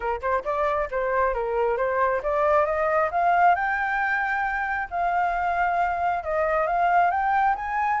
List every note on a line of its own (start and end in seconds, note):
0.00 0.20 A#4
0.21 0.43 C5
0.44 0.88 D5
0.90 1.34 C5
1.34 1.77 A#4
1.77 2.21 C5
2.22 2.65 D5
2.65 3.09 D#5
3.11 3.55 F5
3.55 4.88 G5
4.90 6.23 F5
6.23 6.66 D#5
6.66 7.11 F5
7.11 7.55 G5
7.55 8.00 G#5